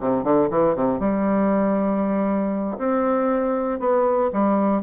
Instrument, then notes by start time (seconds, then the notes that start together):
bassoon
0.00 C3
0.23 D3
0.50 E3
0.75 C3
1.00 G3
2.78 C4
3.80 B3
4.33 G3